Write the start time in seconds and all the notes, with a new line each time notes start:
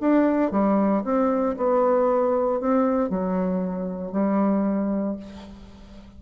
0.00 D4
0.51 G3
1.04 C4
1.57 B3
2.60 C4
3.09 F#3
4.11 G3